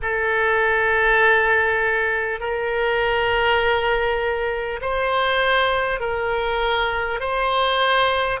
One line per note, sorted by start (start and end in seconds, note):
0.02 2.40 A4
2.40 4.80 A#4
4.81 6.00 C5
6.00 7.19 A#4
7.19 8.39 C5